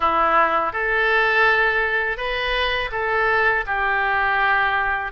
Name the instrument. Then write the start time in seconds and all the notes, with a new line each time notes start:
oboe
0.00 E4
0.73 A4
2.17 B4
2.91 A4
3.66 G4